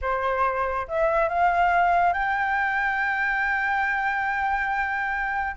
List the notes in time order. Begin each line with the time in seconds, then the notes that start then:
0.01 C5
0.87 E5
1.28 F5
2.13 G5